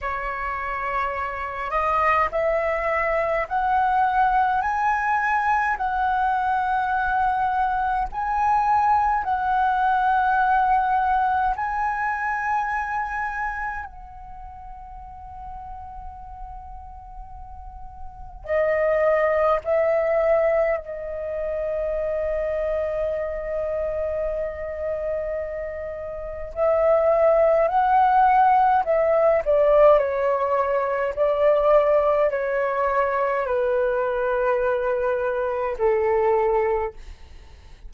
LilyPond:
\new Staff \with { instrumentName = "flute" } { \time 4/4 \tempo 4 = 52 cis''4. dis''8 e''4 fis''4 | gis''4 fis''2 gis''4 | fis''2 gis''2 | fis''1 |
dis''4 e''4 dis''2~ | dis''2. e''4 | fis''4 e''8 d''8 cis''4 d''4 | cis''4 b'2 a'4 | }